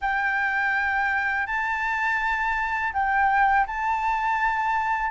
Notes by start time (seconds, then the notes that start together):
0.01 G5
1.46 A5
2.93 G5
3.67 A5